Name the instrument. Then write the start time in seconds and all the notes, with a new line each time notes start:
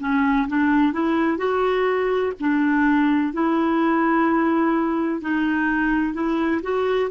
clarinet
0.00 C#4
0.48 D4
0.93 E4
1.38 F#4
2.40 D4
3.33 E4
5.21 D#4
6.13 E4
6.62 F#4